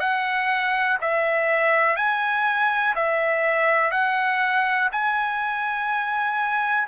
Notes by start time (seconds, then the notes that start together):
0.00 F#5
1.01 E5
1.96 G#5
2.95 E5
3.91 F#5
4.92 G#5